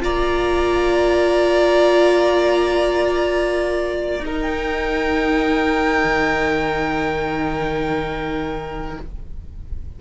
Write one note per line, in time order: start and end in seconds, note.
0.00 4.19 A#3
0.00 4.21 F4
0.00 4.24 D5
0.00 4.41 A#5
4.19 6.02 D#4
4.19 9.00 D#4
4.25 9.00 A#4
4.41 8.98 G5
6.04 8.96 D#3